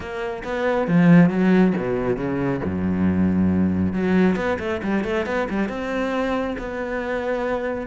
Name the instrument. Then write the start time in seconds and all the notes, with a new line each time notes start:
cello
0.00 A#3
0.44 B3
0.87 F3
1.30 F#3
1.77 B2
2.16 C#3
2.64 F#2
3.93 F#3
4.36 B3
4.59 A3
4.83 G3
5.04 A3
5.26 B3
5.49 G3
5.68 C4
6.58 B3